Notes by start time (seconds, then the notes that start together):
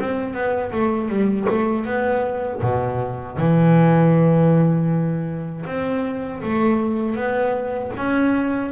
0.00 C4
0.33 B3
0.72 A3
1.09 G3
1.49 A3
1.85 B3
2.62 B2
3.38 E3
5.66 C4
6.42 A3
7.16 B3
7.96 C#4